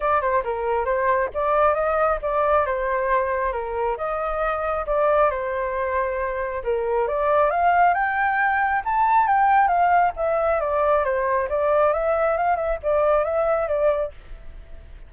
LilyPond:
\new Staff \with { instrumentName = "flute" } { \time 4/4 \tempo 4 = 136 d''8 c''8 ais'4 c''4 d''4 | dis''4 d''4 c''2 | ais'4 dis''2 d''4 | c''2. ais'4 |
d''4 f''4 g''2 | a''4 g''4 f''4 e''4 | d''4 c''4 d''4 e''4 | f''8 e''8 d''4 e''4 d''4 | }